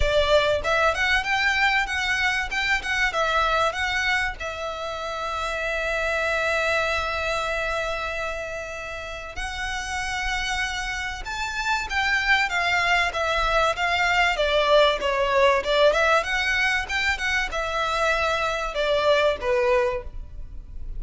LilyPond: \new Staff \with { instrumentName = "violin" } { \time 4/4 \tempo 4 = 96 d''4 e''8 fis''8 g''4 fis''4 | g''8 fis''8 e''4 fis''4 e''4~ | e''1~ | e''2. fis''4~ |
fis''2 a''4 g''4 | f''4 e''4 f''4 d''4 | cis''4 d''8 e''8 fis''4 g''8 fis''8 | e''2 d''4 b'4 | }